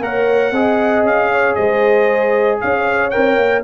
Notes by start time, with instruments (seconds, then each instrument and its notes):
0.00 tuba A#3, trombone A#4, horn C#5, trumpet F#5
0.52 tuba C4, trombone G#4, horn D#5
1.03 tuba C#4, trumpet F5
1.32 horn C#5
1.55 tuba G#3, horn C5, trumpet D#5
2.61 tuba C#4, horn C#5, trumpet F5
3.10 trombone A#4, trumpet G5
3.17 tuba C4
3.37 tuba A#3